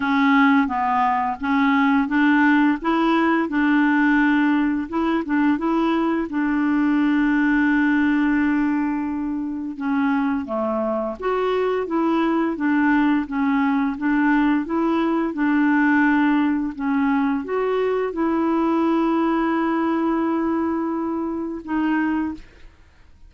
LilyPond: \new Staff \with { instrumentName = "clarinet" } { \time 4/4 \tempo 4 = 86 cis'4 b4 cis'4 d'4 | e'4 d'2 e'8 d'8 | e'4 d'2.~ | d'2 cis'4 a4 |
fis'4 e'4 d'4 cis'4 | d'4 e'4 d'2 | cis'4 fis'4 e'2~ | e'2. dis'4 | }